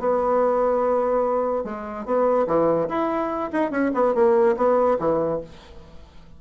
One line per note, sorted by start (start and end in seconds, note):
0.00 1.64 B3
1.64 2.05 G#3
2.05 2.47 B3
2.47 2.89 E3
2.89 3.51 E4
3.53 3.71 D#4
3.71 3.92 C#4
3.94 4.15 B3
4.15 4.56 A#3
4.57 4.98 B3
4.99 5.41 E3